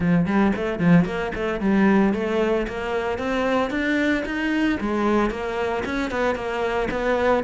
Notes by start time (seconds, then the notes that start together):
0.00 F3
0.25 G3
0.56 A3
0.79 F3
1.05 A#3
1.34 A3
1.60 G3
2.13 A3
2.67 A#3
3.18 C4
3.70 D4
4.25 D#4
4.80 G#3
5.30 A#3
5.85 C#4
6.10 B3
6.35 A#3
6.91 B3